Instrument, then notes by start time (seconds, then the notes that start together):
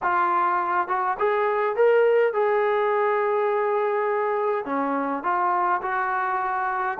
trombone
0.02 F4
0.88 F#4
1.18 G#4
1.76 A#4
2.33 G#4
4.65 C#4
5.23 F4
5.81 F#4